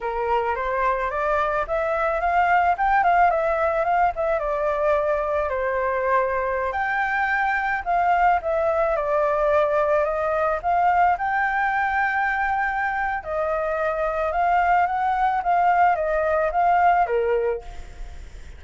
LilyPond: \new Staff \with { instrumentName = "flute" } { \time 4/4 \tempo 4 = 109 ais'4 c''4 d''4 e''4 | f''4 g''8 f''8 e''4 f''8 e''8 | d''2 c''2~ | c''16 g''2 f''4 e''8.~ |
e''16 d''2 dis''4 f''8.~ | f''16 g''2.~ g''8. | dis''2 f''4 fis''4 | f''4 dis''4 f''4 ais'4 | }